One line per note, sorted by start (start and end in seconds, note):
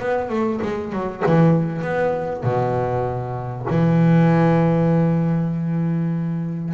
0.00 0.30 B3
0.30 0.61 A3
0.63 0.93 G#3
0.93 1.24 F#3
1.27 1.83 E3
1.83 2.44 B3
2.44 3.67 B2
3.71 6.75 E3